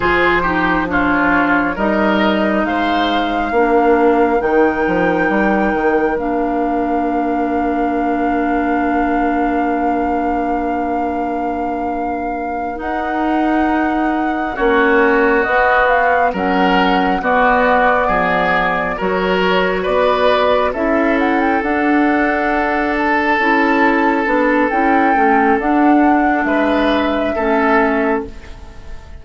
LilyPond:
<<
  \new Staff \with { instrumentName = "flute" } { \time 4/4 \tempo 4 = 68 c''4 cis''4 dis''4 f''4~ | f''4 g''2 f''4~ | f''1~ | f''2~ f''8 fis''4.~ |
fis''8 cis''4 dis''8 f''8 fis''4 d''8~ | d''4. cis''4 d''4 e''8 | fis''16 g''16 fis''4. a''2 | g''4 fis''4 e''2 | }
  \new Staff \with { instrumentName = "oboe" } { \time 4/4 gis'8 g'8 f'4 ais'4 c''4 | ais'1~ | ais'1~ | ais'1~ |
ais'8 fis'2 ais'4 fis'8~ | fis'8 gis'4 ais'4 b'4 a'8~ | a'1~ | a'2 b'4 a'4 | }
  \new Staff \with { instrumentName = "clarinet" } { \time 4/4 f'8 dis'8 d'4 dis'2 | d'4 dis'2 d'4~ | d'1~ | d'2~ d'8 dis'4.~ |
dis'8 cis'4 b4 cis'4 b8~ | b4. fis'2 e'8~ | e'8 d'2 e'4 d'8 | e'8 cis'8 d'2 cis'4 | }
  \new Staff \with { instrumentName = "bassoon" } { \time 4/4 f2 g4 gis4 | ais4 dis8 f8 g8 dis8 ais4~ | ais1~ | ais2~ ais8 dis'4.~ |
dis'8 ais4 b4 fis4 b8~ | b8 f4 fis4 b4 cis'8~ | cis'8 d'2 cis'4 b8 | cis'8 a8 d'4 gis4 a4 | }
>>